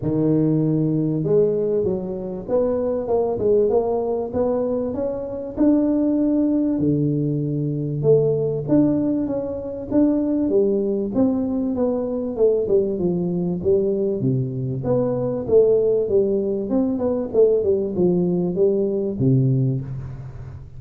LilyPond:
\new Staff \with { instrumentName = "tuba" } { \time 4/4 \tempo 4 = 97 dis2 gis4 fis4 | b4 ais8 gis8 ais4 b4 | cis'4 d'2 d4~ | d4 a4 d'4 cis'4 |
d'4 g4 c'4 b4 | a8 g8 f4 g4 c4 | b4 a4 g4 c'8 b8 | a8 g8 f4 g4 c4 | }